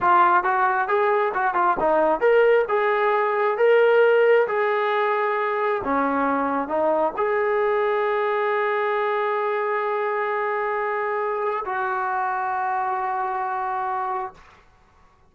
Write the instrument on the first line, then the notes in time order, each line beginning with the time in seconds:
trombone
0.00 F4
0.43 F#4
0.87 G#4
1.34 F#4
1.54 F4
1.79 D#4
2.20 A#4
2.68 G#4
3.57 A#4
4.47 G#4
5.84 C#4
6.68 D#4
7.16 G#4
11.65 F#4